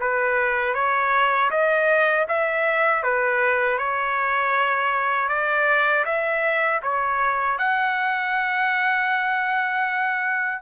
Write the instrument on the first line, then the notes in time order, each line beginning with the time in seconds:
trumpet
0.00 B4
0.74 C#5
1.51 D#5
2.28 E5
3.03 B4
3.78 C#5
5.29 D5
6.05 E5
6.83 C#5
7.58 F#5